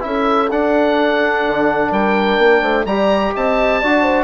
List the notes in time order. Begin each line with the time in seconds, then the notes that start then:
0.00 C#4 E4 A4 E5
0.50 D4 F#5
1.47 D3
1.91 G3 A#4 G5
2.38 A#3
2.61 A3 C5
2.85 G3 G4 D5 A#5
3.35 C4 D#5 A5
3.81 D4 F#4 D5
4.02 C5